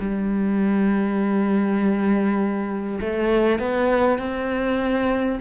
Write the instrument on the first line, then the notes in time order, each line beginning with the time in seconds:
cello
0.00 G3
3.01 A3
3.59 B3
4.19 C4